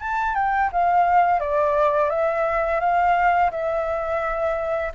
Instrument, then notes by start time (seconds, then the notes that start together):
flute
0.00 A5
0.35 G5
0.73 F5
1.40 D5
2.10 E5
2.80 F5
3.51 E5